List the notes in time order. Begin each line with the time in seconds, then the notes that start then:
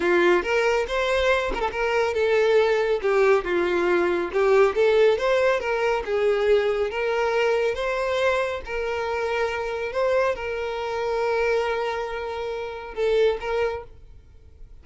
0.00 F4
0.42 A#4
0.87 C5
1.54 A4 A#4
1.71 A#4
2.14 A4
3.02 G4
3.44 F4
4.32 G4
4.75 A4
5.18 C5
5.60 A#4
6.05 G#4
6.90 A#4
7.74 C5
8.65 A#4
9.92 C5
10.35 A#4
12.94 A4
13.40 A#4